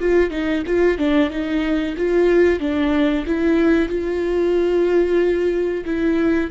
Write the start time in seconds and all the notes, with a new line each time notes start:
0.00 F4
0.31 D#4
0.67 F4
0.98 D4
1.30 D#4
1.97 F4
2.60 D4
3.26 E4
3.89 F4
5.85 E4